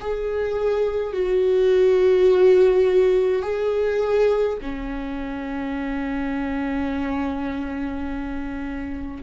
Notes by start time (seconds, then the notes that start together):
0.00 G#4
1.13 F#4
3.42 G#4
4.62 C#4